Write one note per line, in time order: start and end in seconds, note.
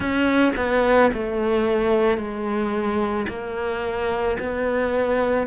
0.00 0.52 C#4
0.56 1.11 B3
1.13 2.17 A3
2.17 3.26 G#3
3.28 4.37 A#3
4.39 5.46 B3